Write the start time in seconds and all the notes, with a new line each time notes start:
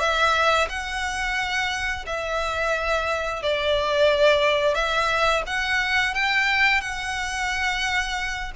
0.00 E5
0.69 F#5
2.06 E5
3.43 D5
4.75 E5
5.47 F#5
6.15 G5
6.81 F#5